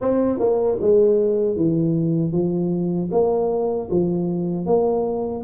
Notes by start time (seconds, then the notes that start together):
0.01 C4
0.39 A#3
0.80 G#3
1.56 E3
2.32 F3
3.11 A#3
3.90 F3
4.65 A#3